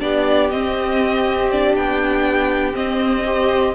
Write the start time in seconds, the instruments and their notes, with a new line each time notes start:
0.00 cello B3, viola D4, violin G4 D5
0.51 cello C4, viola C4, violin D#5
1.51 viola D4, violin D5
1.75 cello B3, violin G5
2.73 viola C4, cello C4, violin D#5
3.25 viola G4, violin C5